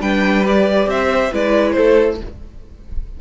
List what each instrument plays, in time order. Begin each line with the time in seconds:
0.00 cello G3, viola D4, violin B4 G5
0.44 viola G4, violin D5
0.86 cello C4, violin C5 E5
1.31 cello G#3, viola E4, violin B4 D5
1.72 cello A3, violin A4 C5